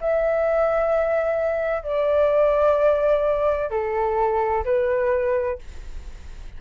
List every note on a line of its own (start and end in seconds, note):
0.00 1.82 E5
1.82 3.70 D5
3.70 4.64 A4
4.64 5.58 B4